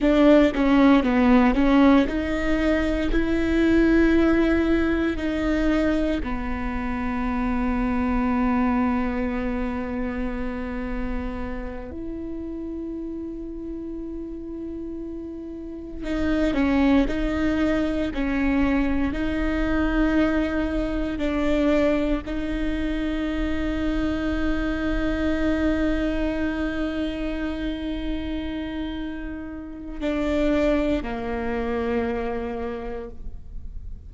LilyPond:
\new Staff \with { instrumentName = "viola" } { \time 4/4 \tempo 4 = 58 d'8 cis'8 b8 cis'8 dis'4 e'4~ | e'4 dis'4 b2~ | b2.~ b8 e'8~ | e'2.~ e'8 dis'8 |
cis'8 dis'4 cis'4 dis'4.~ | dis'8 d'4 dis'2~ dis'8~ | dis'1~ | dis'4 d'4 ais2 | }